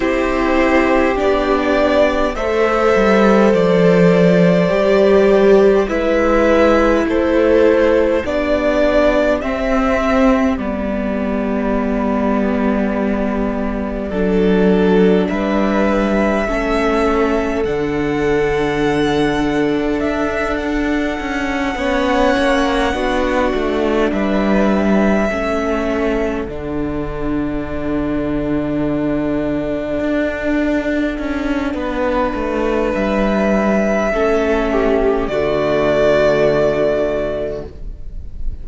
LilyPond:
<<
  \new Staff \with { instrumentName = "violin" } { \time 4/4 \tempo 4 = 51 c''4 d''4 e''4 d''4~ | d''4 e''4 c''4 d''4 | e''4 d''2.~ | d''4 e''2 fis''4~ |
fis''4 e''8 fis''2~ fis''8~ | fis''8 e''2 fis''4.~ | fis''1 | e''2 d''2 | }
  \new Staff \with { instrumentName = "violin" } { \time 4/4 g'2 c''2~ | c''4 b'4 a'4 g'4~ | g'1 | a'4 b'4 a'2~ |
a'2~ a'8 cis''4 fis'8~ | fis'8 b'4 a'2~ a'8~ | a'2. b'4~ | b'4 a'8 g'8 fis'2 | }
  \new Staff \with { instrumentName = "viola" } { \time 4/4 e'4 d'4 a'2 | g'4 e'2 d'4 | c'4 b2. | d'2 cis'4 d'4~ |
d'2~ d'8 cis'4 d'8~ | d'4. cis'4 d'4.~ | d'1~ | d'4 cis'4 a2 | }
  \new Staff \with { instrumentName = "cello" } { \time 4/4 c'4 b4 a8 g8 f4 | g4 gis4 a4 b4 | c'4 g2. | fis4 g4 a4 d4~ |
d4 d'4 cis'8 b8 ais8 b8 | a8 g4 a4 d4.~ | d4. d'4 cis'8 b8 a8 | g4 a4 d2 | }
>>